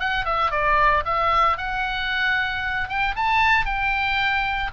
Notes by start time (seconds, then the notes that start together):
0.00 F#5
0.26 E5
0.51 D5
1.05 E5
1.58 F#5
2.89 G5
3.16 A5
3.66 G5